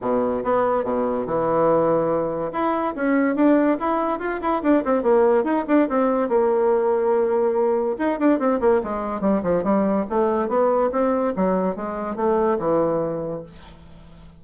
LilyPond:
\new Staff \with { instrumentName = "bassoon" } { \time 4/4 \tempo 4 = 143 b,4 b4 b,4 e4~ | e2 e'4 cis'4 | d'4 e'4 f'8 e'8 d'8 c'8 | ais4 dis'8 d'8 c'4 ais4~ |
ais2. dis'8 d'8 | c'8 ais8 gis4 g8 f8 g4 | a4 b4 c'4 fis4 | gis4 a4 e2 | }